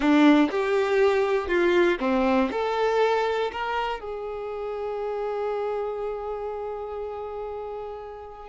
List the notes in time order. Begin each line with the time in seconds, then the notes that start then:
0.00 D4
0.50 G4
1.47 F4
2.00 C4
2.51 A4
3.51 A#4
4.00 G#4